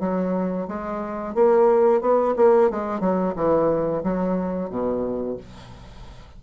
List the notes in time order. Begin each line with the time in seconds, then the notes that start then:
0.00 F#3
0.68 G#3
1.35 A#3
2.01 B3
2.37 A#3
2.71 G#3
3.00 F#3
3.36 E3
4.04 F#3
4.70 B2